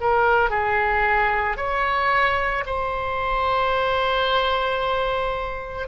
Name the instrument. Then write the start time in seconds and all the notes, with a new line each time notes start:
oboe
0.00 A#4
0.50 G#4
1.57 C#5
2.66 C5